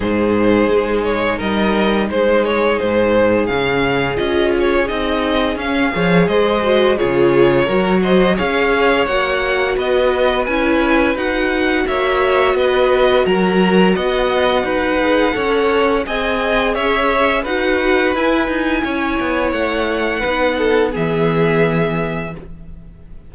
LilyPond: <<
  \new Staff \with { instrumentName = "violin" } { \time 4/4 \tempo 4 = 86 c''4. cis''8 dis''4 c''8 cis''8 | c''4 f''4 dis''8 cis''8 dis''4 | f''4 dis''4 cis''4. dis''8 | f''4 fis''4 dis''4 gis''4 |
fis''4 e''4 dis''4 ais''4 | fis''2. gis''4 | e''4 fis''4 gis''2 | fis''2 e''2 | }
  \new Staff \with { instrumentName = "violin" } { \time 4/4 gis'2 ais'4 gis'4~ | gis'1~ | gis'8 cis''8 c''4 gis'4 ais'8 c''8 | cis''2 b'2~ |
b'4 cis''4 b'4 ais'4 | dis''4 b'4 cis''4 dis''4 | cis''4 b'2 cis''4~ | cis''4 b'8 a'8 gis'2 | }
  \new Staff \with { instrumentName = "viola" } { \time 4/4 dis'1~ | dis'4 cis'4 f'4 dis'4 | cis'8 gis'4 fis'8 f'4 fis'4 | gis'4 fis'2 e'4 |
fis'1~ | fis'4. gis'8 a'4 gis'4~ | gis'4 fis'4 e'2~ | e'4 dis'4 b2 | }
  \new Staff \with { instrumentName = "cello" } { \time 4/4 gis,4 gis4 g4 gis4 | gis,4 cis4 cis'4 c'4 | cis'8 f8 gis4 cis4 fis4 | cis'4 ais4 b4 cis'4 |
dis'4 ais4 b4 fis4 | b4 dis'4 cis'4 c'4 | cis'4 dis'4 e'8 dis'8 cis'8 b8 | a4 b4 e2 | }
>>